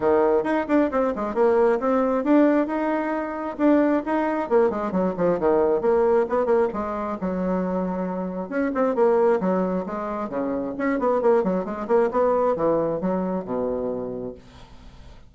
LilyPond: \new Staff \with { instrumentName = "bassoon" } { \time 4/4 \tempo 4 = 134 dis4 dis'8 d'8 c'8 gis8 ais4 | c'4 d'4 dis'2 | d'4 dis'4 ais8 gis8 fis8 f8 | dis4 ais4 b8 ais8 gis4 |
fis2. cis'8 c'8 | ais4 fis4 gis4 cis4 | cis'8 b8 ais8 fis8 gis8 ais8 b4 | e4 fis4 b,2 | }